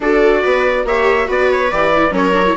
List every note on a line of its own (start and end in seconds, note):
0.00 0.42 D4
0.00 0.87 F#4
0.00 0.42 A4
0.00 0.87 D5
0.42 0.84 B3
0.42 0.85 B4
0.84 1.27 A#3
0.84 1.25 G4
0.84 1.28 C#5
0.84 1.29 E5
1.25 1.71 B3
1.25 1.68 F#4
1.25 2.13 B4
1.31 1.52 D5
1.52 1.70 C#5
1.70 2.11 E3
1.70 1.92 G4
1.70 2.13 D5
1.96 2.11 E4
2.11 2.54 F#3
2.11 2.32 C#4
2.11 2.57 A#4
2.11 2.57 C#5
2.33 2.44 D4
2.46 2.56 E4